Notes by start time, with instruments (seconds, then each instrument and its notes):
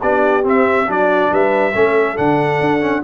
0.00 tuba B3, trombone D4, horn G4, trumpet D5
0.43 trombone C4, tuba C4, trumpet E5
0.86 tuba F#3, trombone D4, horn F#4, trumpet D5
1.32 tuba G3, horn B4, trumpet E5
1.74 tuba A3, trombone C#4, horn A4
2.16 tuba D3, trombone D4, trumpet F#5
2.60 tuba D4
2.80 trombone C#4